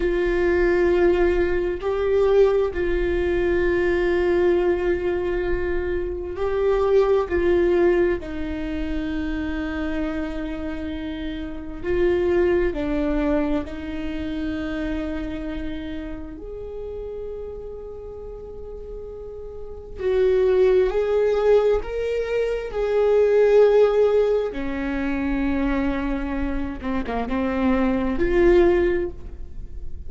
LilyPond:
\new Staff \with { instrumentName = "viola" } { \time 4/4 \tempo 4 = 66 f'2 g'4 f'4~ | f'2. g'4 | f'4 dis'2.~ | dis'4 f'4 d'4 dis'4~ |
dis'2 gis'2~ | gis'2 fis'4 gis'4 | ais'4 gis'2 cis'4~ | cis'4. c'16 ais16 c'4 f'4 | }